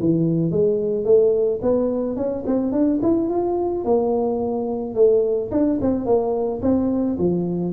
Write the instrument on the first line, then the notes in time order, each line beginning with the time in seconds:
tuba
0.00 E3
0.51 G#3
1.05 A3
1.62 B3
2.16 C#4
2.46 C4
2.72 D4
3.03 E4
3.29 F4
3.84 A#3
4.95 A3
5.52 D4
5.81 C4
6.06 A#3
6.62 C4
7.18 F3